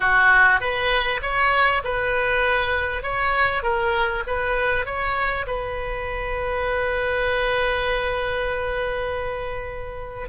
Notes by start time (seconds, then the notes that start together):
0.00 F#4
0.60 B4
1.21 C#5
1.83 B4
3.02 C#5
3.62 A#4
4.26 B4
4.85 C#5
5.46 B4